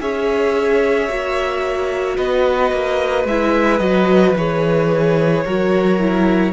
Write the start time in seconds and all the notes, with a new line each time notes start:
0.00 C#4 G#4 C#5 E5
1.09 A#3 F#4
2.17 B3 B4 D#5
2.72 A#3
3.25 G#3 E4 E5
3.79 F#3 F#4 D#5
4.36 E3 G#4 C#5
5.45 F#3 F#4 A#4
6.00 E4